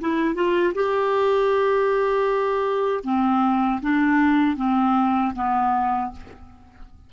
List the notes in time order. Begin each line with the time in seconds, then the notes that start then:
0.00 E4
0.34 F4
0.74 G4
3.03 C4
3.81 D4
4.56 C4
5.34 B3